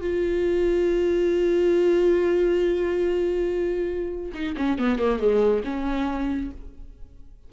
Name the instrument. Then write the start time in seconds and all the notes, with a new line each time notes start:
viola
0.00 F4
4.34 D#4
4.57 C#4
4.78 B3
4.98 A#3
5.19 G#3
5.64 C#4